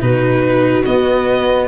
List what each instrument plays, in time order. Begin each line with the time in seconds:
0.00 tuba B2, cello D#4, viola F#4, violin B4
0.85 cello B3, tuba B3, violin D#5